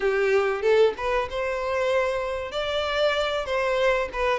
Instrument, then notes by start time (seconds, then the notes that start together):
violin
0.00 G4
0.61 A4
0.97 B4
1.29 C5
2.51 D5
3.45 C5
4.12 B4